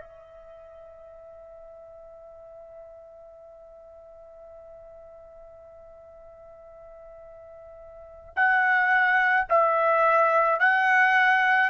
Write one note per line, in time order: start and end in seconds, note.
0.00 8.33 E5
8.36 9.47 F#5
9.49 10.60 E5
10.60 11.70 F#5